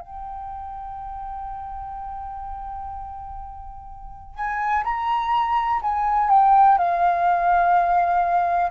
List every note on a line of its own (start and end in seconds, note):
0.00 4.35 G5
4.35 4.83 G#5
4.83 5.80 A#5
5.82 6.29 G#5
6.29 6.77 G5
6.77 8.71 F5